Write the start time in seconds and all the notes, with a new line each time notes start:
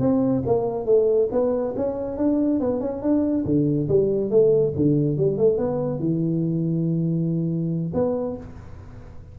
0.00 C4
0.46 A#3
0.86 A3
1.32 B3
1.77 C#4
2.17 D4
2.60 B3
2.81 C#4
3.02 D4
3.46 D3
3.88 G3
4.31 A3
4.76 D3
5.17 G3
5.38 A3
5.58 B3
6.00 E3
7.94 B3